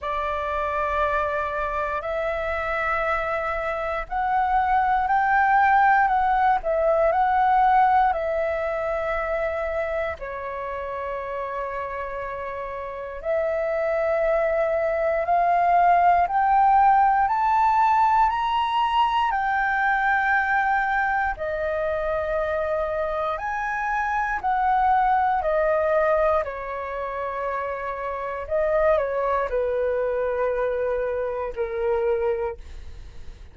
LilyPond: \new Staff \with { instrumentName = "flute" } { \time 4/4 \tempo 4 = 59 d''2 e''2 | fis''4 g''4 fis''8 e''8 fis''4 | e''2 cis''2~ | cis''4 e''2 f''4 |
g''4 a''4 ais''4 g''4~ | g''4 dis''2 gis''4 | fis''4 dis''4 cis''2 | dis''8 cis''8 b'2 ais'4 | }